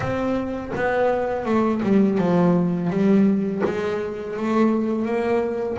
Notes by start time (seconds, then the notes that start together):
0.00 C4
0.75 B3
1.45 A3
1.82 G3
2.18 F3
2.89 G3
3.64 G#3
4.36 A3
5.05 A#3